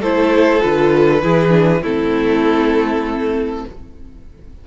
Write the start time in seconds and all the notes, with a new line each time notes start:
0.00 A3 E4 A4 C5
0.61 D3 F4 B4
1.22 E3 E4 G#4
1.49 D4
1.82 A3 C4 E4 A4